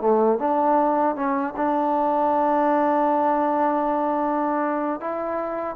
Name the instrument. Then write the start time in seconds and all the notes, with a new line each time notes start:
trombone
0.00 A3
0.38 D4
1.15 C#4
1.56 D4
5.00 E4